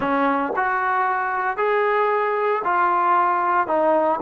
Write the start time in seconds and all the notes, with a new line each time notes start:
0.00 C#4
0.56 F#4
1.57 G#4
2.64 F4
3.67 D#4